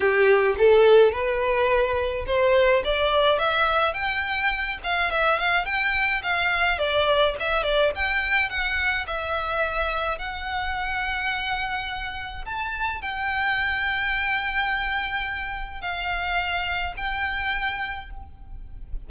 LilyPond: \new Staff \with { instrumentName = "violin" } { \time 4/4 \tempo 4 = 106 g'4 a'4 b'2 | c''4 d''4 e''4 g''4~ | g''8 f''8 e''8 f''8 g''4 f''4 | d''4 e''8 d''8 g''4 fis''4 |
e''2 fis''2~ | fis''2 a''4 g''4~ | g''1 | f''2 g''2 | }